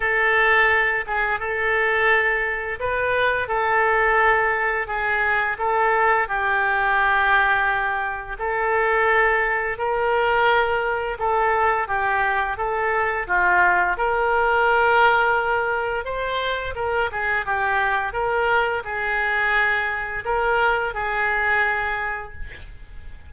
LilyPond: \new Staff \with { instrumentName = "oboe" } { \time 4/4 \tempo 4 = 86 a'4. gis'8 a'2 | b'4 a'2 gis'4 | a'4 g'2. | a'2 ais'2 |
a'4 g'4 a'4 f'4 | ais'2. c''4 | ais'8 gis'8 g'4 ais'4 gis'4~ | gis'4 ais'4 gis'2 | }